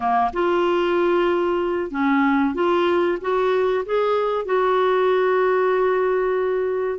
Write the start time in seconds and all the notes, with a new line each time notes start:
0.00 A#3
0.33 F4
1.90 C#4
2.54 F4
3.21 F#4
3.85 G#4
4.45 F#4